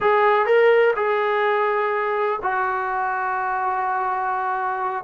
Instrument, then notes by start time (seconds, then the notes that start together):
trombone
0.00 G#4
0.46 A#4
0.95 G#4
2.42 F#4